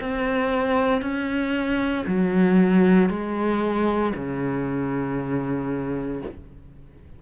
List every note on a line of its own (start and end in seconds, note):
0.00 1.02 C4
1.02 2.05 C#4
2.07 3.09 F#3
3.09 4.13 G#3
4.15 6.22 C#3